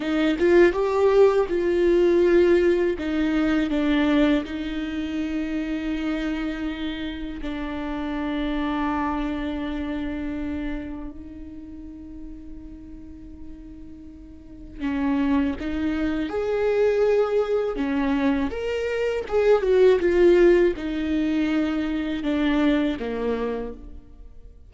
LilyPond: \new Staff \with { instrumentName = "viola" } { \time 4/4 \tempo 4 = 81 dis'8 f'8 g'4 f'2 | dis'4 d'4 dis'2~ | dis'2 d'2~ | d'2. dis'4~ |
dis'1 | cis'4 dis'4 gis'2 | cis'4 ais'4 gis'8 fis'8 f'4 | dis'2 d'4 ais4 | }